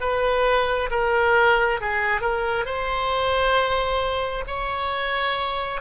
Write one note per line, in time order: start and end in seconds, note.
0.00 0.90 B4
0.90 1.80 A#4
1.80 2.21 G#4
2.21 2.65 A#4
2.65 4.45 C5
4.47 5.81 C#5